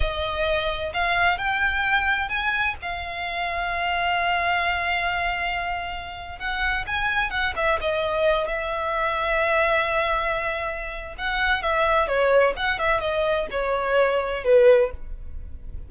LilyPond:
\new Staff \with { instrumentName = "violin" } { \time 4/4 \tempo 4 = 129 dis''2 f''4 g''4~ | g''4 gis''4 f''2~ | f''1~ | f''4.~ f''16 fis''4 gis''4 fis''16~ |
fis''16 e''8 dis''4. e''4.~ e''16~ | e''1 | fis''4 e''4 cis''4 fis''8 e''8 | dis''4 cis''2 b'4 | }